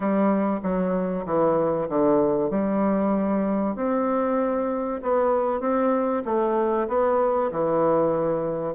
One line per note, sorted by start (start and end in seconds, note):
0.00 0.60 G3
0.62 1.25 F#3
1.25 1.88 E3
1.89 2.50 D3
2.50 3.75 G3
3.75 5.00 C4
5.02 5.60 B3
5.60 6.22 C4
6.25 6.88 A3
6.88 7.50 B3
7.51 8.74 E3